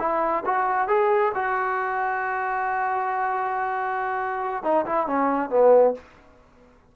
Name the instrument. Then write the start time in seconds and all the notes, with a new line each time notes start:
trombone
0.00 E4
0.46 F#4
0.88 G#4
1.35 F#4
4.64 D#4
4.86 E4
5.07 C#4
5.50 B3